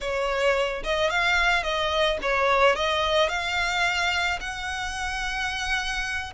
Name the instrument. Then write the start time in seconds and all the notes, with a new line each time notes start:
violin
0.00 C#5
0.83 D#5
1.10 F5
1.63 D#5
2.22 C#5
2.75 D#5
3.29 F5
4.40 F#5